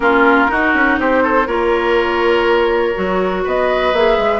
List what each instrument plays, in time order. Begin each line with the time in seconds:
0.00 bassoon A#3, clarinet C#4, oboe F4, flute A#4
0.47 clarinet D#4, bassoon D#4, oboe F#4
0.74 bassoon C#4
0.98 bassoon C4, oboe G4, flute C5
1.23 oboe A4
1.47 bassoon A#3, clarinet F4, oboe A#4, flute C#5
2.94 bassoon F#3, clarinet F#4
3.44 bassoon B3, oboe B4, flute D#5
3.93 bassoon A#3, clarinet G#4, flute E5
4.18 bassoon G#3